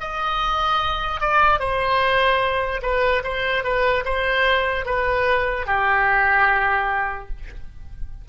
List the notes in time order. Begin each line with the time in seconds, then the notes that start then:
0.00 D#5
1.21 D5
1.59 C5
2.82 B4
3.24 C5
3.63 B4
4.05 C5
4.85 B4
5.66 G4